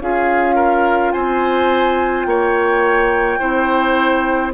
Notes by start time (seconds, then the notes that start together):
0.00 C#4 F4 G#4 F5
0.55 A#4
1.12 C4 C5 G#5
2.23 A#3 C#5 G5
3.39 C4 E4 C5